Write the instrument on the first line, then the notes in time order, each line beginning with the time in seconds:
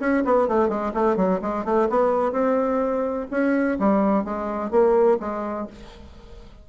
bassoon
0.00 C#4
0.25 B3
0.48 A3
0.69 G#3
0.94 A3
1.16 F#3
1.42 G#3
1.64 A3
1.90 B3
2.32 C4
3.30 C#4
3.79 G3
4.24 G#3
4.71 A#3
5.20 G#3